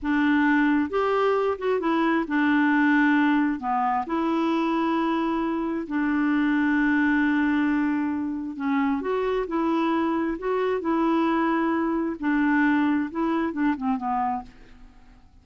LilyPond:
\new Staff \with { instrumentName = "clarinet" } { \time 4/4 \tempo 4 = 133 d'2 g'4. fis'8 | e'4 d'2. | b4 e'2.~ | e'4 d'2.~ |
d'2. cis'4 | fis'4 e'2 fis'4 | e'2. d'4~ | d'4 e'4 d'8 c'8 b4 | }